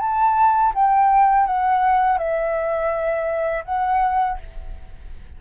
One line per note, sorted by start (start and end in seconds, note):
0.00 0.73 A5
0.75 1.47 G5
1.47 2.19 F#5
2.19 3.65 E5
3.65 4.38 F#5